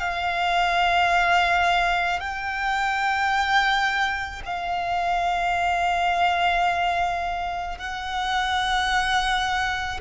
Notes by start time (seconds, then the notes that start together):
0.00 F5
2.20 G5
4.45 F5
7.78 F#5